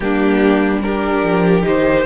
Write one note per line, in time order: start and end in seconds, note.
0.00 1.22 G3
0.00 0.82 A#3
0.00 0.84 D4
0.00 0.79 G4
0.81 1.62 D4
0.81 2.05 G4
0.81 1.64 A#4
1.24 1.65 F3
1.62 2.05 D#3
1.62 2.03 D#4
1.62 2.05 C5